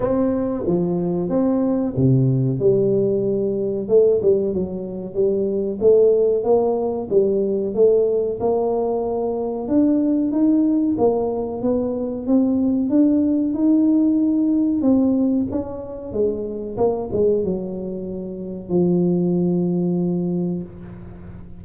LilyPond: \new Staff \with { instrumentName = "tuba" } { \time 4/4 \tempo 4 = 93 c'4 f4 c'4 c4 | g2 a8 g8 fis4 | g4 a4 ais4 g4 | a4 ais2 d'4 |
dis'4 ais4 b4 c'4 | d'4 dis'2 c'4 | cis'4 gis4 ais8 gis8 fis4~ | fis4 f2. | }